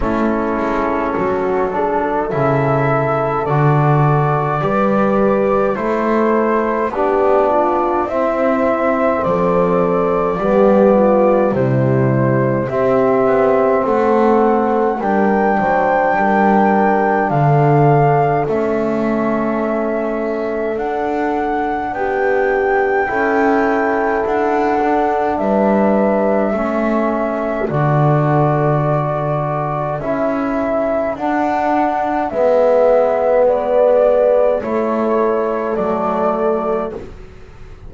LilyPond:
<<
  \new Staff \with { instrumentName = "flute" } { \time 4/4 \tempo 4 = 52 a'2 e''4 d''4~ | d''4 c''4 d''4 e''4 | d''2 c''4 e''4 | fis''4 g''2 f''4 |
e''2 fis''4 g''4~ | g''4 fis''4 e''2 | d''2 e''4 fis''4 | e''4 d''4 cis''4 d''4 | }
  \new Staff \with { instrumentName = "horn" } { \time 4/4 e'4 fis'8 gis'16 a'2~ a'16 | b'4 a'4 g'8 f'8 e'4 | a'4 g'8 f'8 e'4 g'4 | a'4 ais'8 c''8 ais'4 a'4~ |
a'2. g'4 | a'2 b'4 a'4~ | a'1 | b'2 a'2 | }
  \new Staff \with { instrumentName = "trombone" } { \time 4/4 cis'4. d'8 e'4 fis'4 | g'4 e'4 d'4 c'4~ | c'4 b4 g4 c'4~ | c'4 d'2. |
cis'2 d'2 | e'4. d'4. cis'4 | fis'2 e'4 d'4 | b2 e'4 a4 | }
  \new Staff \with { instrumentName = "double bass" } { \time 4/4 a8 gis8 fis4 cis4 d4 | g4 a4 b4 c'4 | f4 g4 c4 c'8 b8 | a4 g8 fis8 g4 d4 |
a2 d'4 b4 | cis'4 d'4 g4 a4 | d2 cis'4 d'4 | gis2 a4 fis4 | }
>>